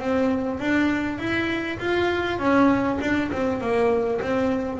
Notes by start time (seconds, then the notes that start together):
0.00 C4
0.60 D4
1.19 E4
1.79 F4
2.39 C#4
3.01 D4
3.32 C4
3.61 A#3
4.22 C4